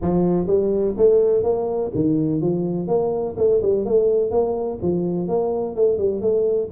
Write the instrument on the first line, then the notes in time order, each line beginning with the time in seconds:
tuba
0.01 F3
0.47 G3
0.97 A3
1.43 A#3
1.94 D#3
2.41 F3
2.87 A#3
3.37 A3
3.62 G3
3.85 A3
4.30 A#3
4.81 F3
5.28 A#3
5.75 A3
5.98 G3
6.21 A3